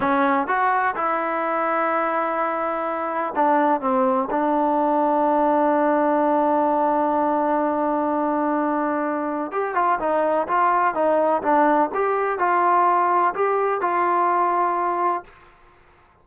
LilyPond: \new Staff \with { instrumentName = "trombone" } { \time 4/4 \tempo 4 = 126 cis'4 fis'4 e'2~ | e'2. d'4 | c'4 d'2.~ | d'1~ |
d'1 | g'8 f'8 dis'4 f'4 dis'4 | d'4 g'4 f'2 | g'4 f'2. | }